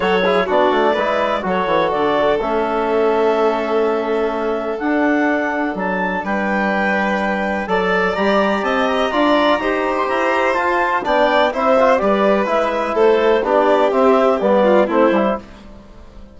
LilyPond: <<
  \new Staff \with { instrumentName = "clarinet" } { \time 4/4 \tempo 4 = 125 cis''4 d''2 cis''4 | d''4 e''2.~ | e''2 fis''2 | a''4 g''2. |
a''4 ais''4 a''8 ais''4.~ | ais''8. c'''16 ais''4 a''4 g''4 | e''4 d''4 e''4 c''4 | d''4 e''4 d''4 c''4 | }
  \new Staff \with { instrumentName = "violin" } { \time 4/4 a'8 gis'8 fis'4 b'4 a'4~ | a'1~ | a'1~ | a'4 b'2. |
d''2 dis''4 d''4 | c''2. d''4 | c''4 b'2 a'4 | g'2~ g'8 f'8 e'4 | }
  \new Staff \with { instrumentName = "trombone" } { \time 4/4 fis'8 e'8 d'4 e'4 fis'4~ | fis'4 cis'2.~ | cis'2 d'2~ | d'1 |
a'4 g'2 f'4 | g'2 f'4 d'4 | e'8 f'8 g'4 e'2 | d'4 c'4 b4 c'8 e'8 | }
  \new Staff \with { instrumentName = "bassoon" } { \time 4/4 fis4 b8 a8 gis4 fis8 e8 | d4 a2.~ | a2 d'2 | fis4 g2. |
fis4 g4 c'4 d'4 | dis'4 e'4 f'4 b4 | c'4 g4 gis4 a4 | b4 c'4 g4 a8 g8 | }
>>